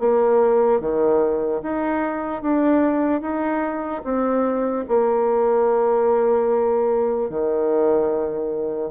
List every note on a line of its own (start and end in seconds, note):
0.00 0.81 A#3
0.81 1.62 D#3
1.63 2.43 D#4
2.43 3.21 D4
3.21 4.02 D#4
4.04 4.85 C4
4.88 7.30 A#3
7.30 8.91 D#3